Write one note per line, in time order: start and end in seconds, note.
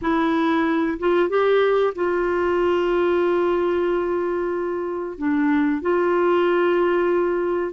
0.01 0.98 E4
0.99 1.29 F4
1.29 1.93 G4
1.95 5.18 F4
5.18 5.81 D4
5.81 7.72 F4